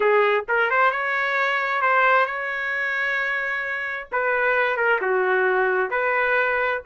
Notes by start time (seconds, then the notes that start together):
0.00 G#4
0.48 A#4
0.70 C5
0.91 C#5
1.81 C5
2.26 C#5
4.12 B4
4.76 A#4
5.01 F#4
5.90 B4